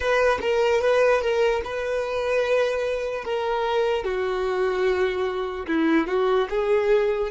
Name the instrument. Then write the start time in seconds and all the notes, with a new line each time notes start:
violin
0.00 B4
0.41 A#4
0.81 B4
1.21 A#4
1.64 B4
3.24 A#4
4.04 F#4
5.67 E4
6.07 F#4
6.49 G#4